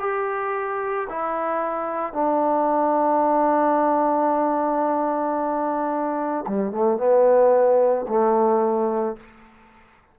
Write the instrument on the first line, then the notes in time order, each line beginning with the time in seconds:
trombone
0.00 G4
1.10 E4
2.13 D4
6.48 G3
6.72 A3
6.98 B3
8.09 A3